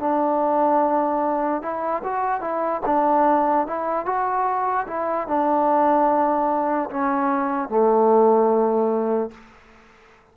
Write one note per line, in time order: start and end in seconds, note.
0.00 1.62 D4
1.62 2.03 E4
2.03 2.41 F#4
2.41 2.82 E4
2.86 3.67 D4
3.67 4.06 E4
4.06 4.87 F#4
4.88 5.28 E4
5.28 6.90 D4
6.90 7.69 C#4
7.69 9.31 A3